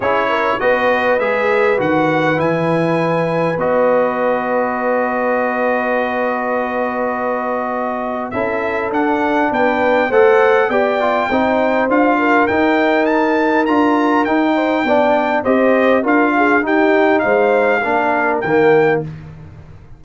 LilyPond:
<<
  \new Staff \with { instrumentName = "trumpet" } { \time 4/4 \tempo 4 = 101 cis''4 dis''4 e''4 fis''4 | gis''2 dis''2~ | dis''1~ | dis''2 e''4 fis''4 |
g''4 fis''4 g''2 | f''4 g''4 a''4 ais''4 | g''2 dis''4 f''4 | g''4 f''2 g''4 | }
  \new Staff \with { instrumentName = "horn" } { \time 4/4 gis'8 ais'8 b'2.~ | b'1~ | b'1~ | b'2 a'2 |
b'4 c''4 d''4 c''4~ | c''8 ais'2.~ ais'8~ | ais'8 c''8 d''4 c''4 ais'8 gis'8 | g'4 c''4 ais'2 | }
  \new Staff \with { instrumentName = "trombone" } { \time 4/4 e'4 fis'4 gis'4 fis'4 | e'2 fis'2~ | fis'1~ | fis'2 e'4 d'4~ |
d'4 a'4 g'8 f'8 dis'4 | f'4 dis'2 f'4 | dis'4 d'4 g'4 f'4 | dis'2 d'4 ais4 | }
  \new Staff \with { instrumentName = "tuba" } { \time 4/4 cis'4 b4 gis4 dis4 | e2 b2~ | b1~ | b2 cis'4 d'4 |
b4 a4 b4 c'4 | d'4 dis'2 d'4 | dis'4 b4 c'4 d'4 | dis'4 gis4 ais4 dis4 | }
>>